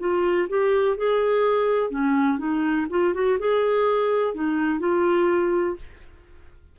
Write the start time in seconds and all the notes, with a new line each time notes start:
0.00 F4
0.49 G4
0.97 G#4
1.90 C#4
2.38 D#4
2.90 F4
3.14 F#4
3.39 G#4
4.35 D#4
4.80 F4